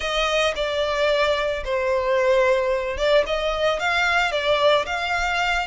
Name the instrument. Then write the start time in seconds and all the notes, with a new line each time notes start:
violin
0.00 D#5
0.55 D5
1.64 C5
2.97 D5
3.26 D#5
3.79 F5
4.31 D5
4.86 F5